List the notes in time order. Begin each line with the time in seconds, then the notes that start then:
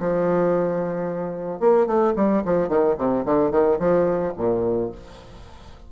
0.00 F3
1.60 A#3
1.87 A3
2.16 G3
2.45 F3
2.69 D#3
2.98 C3
3.26 D3
3.52 D#3
3.79 F3
4.37 A#2